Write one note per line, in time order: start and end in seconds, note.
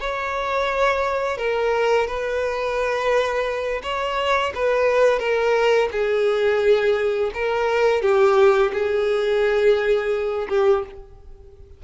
0.00 1.38 C#5
1.38 2.07 A#4
2.07 3.82 B4
3.83 4.53 C#5
4.55 5.19 B4
5.19 5.89 A#4
5.92 7.31 G#4
7.34 8.02 A#4
8.02 8.72 G4
8.73 10.48 G#4
10.49 10.84 G4